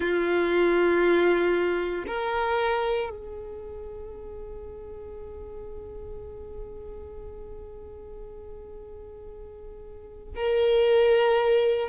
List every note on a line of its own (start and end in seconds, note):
0.00 2.05 F4
2.07 3.10 A#4
3.10 10.34 G#4
10.35 11.89 A#4